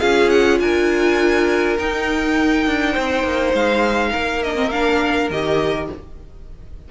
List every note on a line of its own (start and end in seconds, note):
0.00 0.60 C#4
0.00 1.78 F4
0.00 0.59 G#4
0.00 0.29 F5
0.30 0.59 F#5
0.60 1.78 D4
0.60 2.92 A#4
0.60 1.77 G#5
1.79 2.67 D#4
1.79 4.44 D#4
1.79 3.55 G5
2.67 2.96 D4
2.92 3.24 C4
2.92 4.10 C5
3.24 3.53 A#3
3.53 4.12 G#3
3.53 4.43 F5
4.12 5.30 A#3
4.12 5.88 A#4
4.43 4.56 D4
4.43 4.71 D#5
4.56 4.70 C4
4.71 5.31 D4
4.71 5.30 F5
5.30 5.89 D#3
5.30 5.91 G4
5.30 5.90 D#5